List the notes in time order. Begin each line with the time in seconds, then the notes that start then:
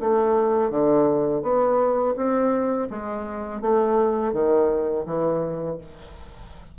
0.00 A3
0.70 D3
1.43 B3
2.16 C4
2.90 G#3
3.61 A3
4.33 D#3
5.06 E3